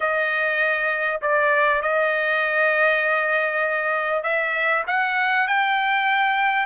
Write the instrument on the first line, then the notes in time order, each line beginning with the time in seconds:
trumpet
0.00 D#5
1.21 D5
1.82 D#5
4.23 E5
4.87 F#5
5.47 G5